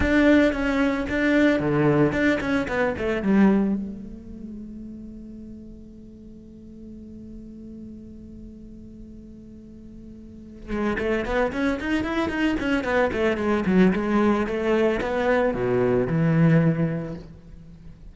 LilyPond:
\new Staff \with { instrumentName = "cello" } { \time 4/4 \tempo 4 = 112 d'4 cis'4 d'4 d4 | d'8 cis'8 b8 a8 g4 a4~ | a1~ | a1~ |
a1 | gis8 a8 b8 cis'8 dis'8 e'8 dis'8 cis'8 | b8 a8 gis8 fis8 gis4 a4 | b4 b,4 e2 | }